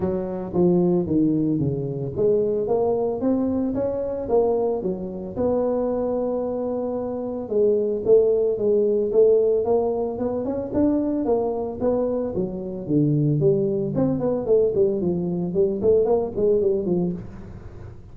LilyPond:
\new Staff \with { instrumentName = "tuba" } { \time 4/4 \tempo 4 = 112 fis4 f4 dis4 cis4 | gis4 ais4 c'4 cis'4 | ais4 fis4 b2~ | b2 gis4 a4 |
gis4 a4 ais4 b8 cis'8 | d'4 ais4 b4 fis4 | d4 g4 c'8 b8 a8 g8 | f4 g8 a8 ais8 gis8 g8 f8 | }